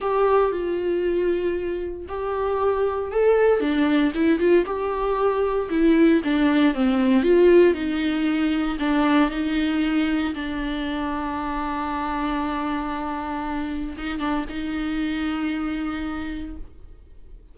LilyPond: \new Staff \with { instrumentName = "viola" } { \time 4/4 \tempo 4 = 116 g'4 f'2. | g'2 a'4 d'4 | e'8 f'8 g'2 e'4 | d'4 c'4 f'4 dis'4~ |
dis'4 d'4 dis'2 | d'1~ | d'2. dis'8 d'8 | dis'1 | }